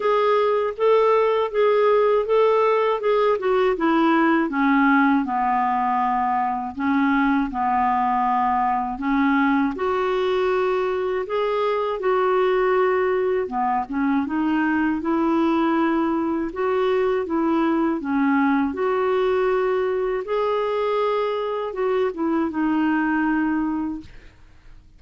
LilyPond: \new Staff \with { instrumentName = "clarinet" } { \time 4/4 \tempo 4 = 80 gis'4 a'4 gis'4 a'4 | gis'8 fis'8 e'4 cis'4 b4~ | b4 cis'4 b2 | cis'4 fis'2 gis'4 |
fis'2 b8 cis'8 dis'4 | e'2 fis'4 e'4 | cis'4 fis'2 gis'4~ | gis'4 fis'8 e'8 dis'2 | }